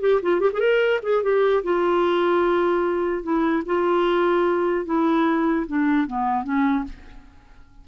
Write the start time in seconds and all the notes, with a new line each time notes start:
0.00 G4
0.22 F4
0.40 G4
0.53 G#4
0.59 A#4
1.02 G#4
1.23 G4
1.63 F4
3.23 E4
3.66 F4
4.85 E4
5.67 D4
6.07 B3
6.44 C#4